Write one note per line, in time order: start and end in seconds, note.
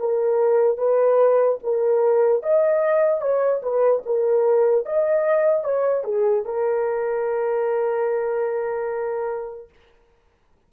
0.00 0.78 A#4
0.78 1.59 B4
1.63 2.43 A#4
2.43 3.21 D#5
3.21 3.62 C#5
3.62 4.03 B4
4.06 4.86 A#4
4.86 5.64 D#5
5.64 6.04 C#5
6.04 6.45 G#4
6.45 9.69 A#4